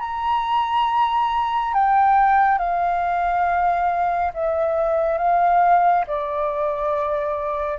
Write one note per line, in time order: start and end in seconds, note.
0.00 1.74 A#5
1.74 2.58 G5
2.58 4.32 F5
4.34 5.18 E5
5.18 6.05 F5
6.07 7.79 D5